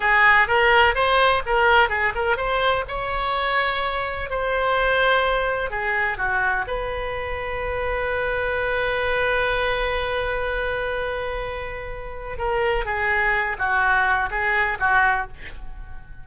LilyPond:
\new Staff \with { instrumentName = "oboe" } { \time 4/4 \tempo 4 = 126 gis'4 ais'4 c''4 ais'4 | gis'8 ais'8 c''4 cis''2~ | cis''4 c''2. | gis'4 fis'4 b'2~ |
b'1~ | b'1~ | b'2 ais'4 gis'4~ | gis'8 fis'4. gis'4 fis'4 | }